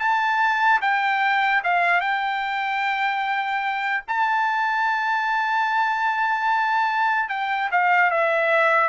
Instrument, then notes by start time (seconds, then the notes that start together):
trumpet
0.00 A5
0.82 G5
1.64 F5
2.01 G5
4.08 A5
7.30 G5
7.72 F5
8.11 E5